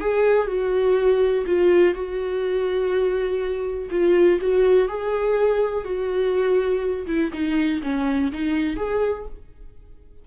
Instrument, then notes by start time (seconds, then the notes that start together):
viola
0.00 G#4
0.47 F#4
1.46 F4
1.94 F#4
3.90 F4
4.41 F#4
4.88 G#4
5.84 F#4
7.07 E4
7.33 D#4
7.82 C#4
8.32 D#4
8.76 G#4